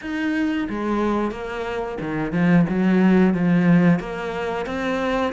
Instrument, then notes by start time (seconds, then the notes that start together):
cello
0.01 D#4
0.69 G#3
1.31 A#3
2.00 D#3
2.32 F3
2.68 F#3
3.34 F3
3.99 A#3
4.65 C4